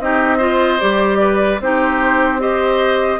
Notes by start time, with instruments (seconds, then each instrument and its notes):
0.00 bassoon C4, clarinet D#4, oboe G4, flute D#5
0.38 clarinet F4, oboe C5
0.80 bassoon G3, clarinet G4, flute D5
1.21 oboe B4
1.60 bassoon C4, clarinet D#4, oboe G4, flute C5
2.39 clarinet G4, oboe C5, flute D#5